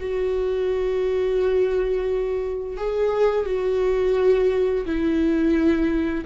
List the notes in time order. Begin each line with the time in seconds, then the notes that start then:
0.00 F#4
2.77 G#4
3.46 F#4
4.86 E4